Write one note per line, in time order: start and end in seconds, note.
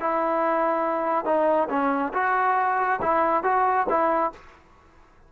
0.00 1.25 E4
1.25 1.68 D#4
1.69 2.12 C#4
2.13 3.00 F#4
3.02 3.43 E4
3.43 3.87 F#4
3.89 4.32 E4